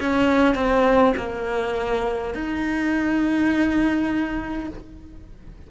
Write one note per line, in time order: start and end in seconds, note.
0.00 0.55 C#4
0.55 1.13 C4
1.17 2.34 A#3
2.34 4.70 D#4